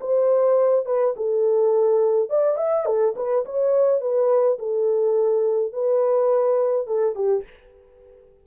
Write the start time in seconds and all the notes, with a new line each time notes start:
0.00 C5
0.85 B4
1.16 A4
2.29 D5
2.57 E5
2.85 A4
3.16 B4
3.45 C#5
4.00 B4
4.58 A4
5.72 B4
6.86 A4
7.15 G4